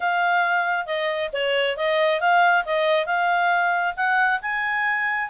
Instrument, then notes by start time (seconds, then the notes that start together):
clarinet
0.00 F5
0.86 D#5
1.32 C#5
1.76 D#5
2.20 F5
2.65 D#5
3.06 F5
3.96 F#5
4.41 G#5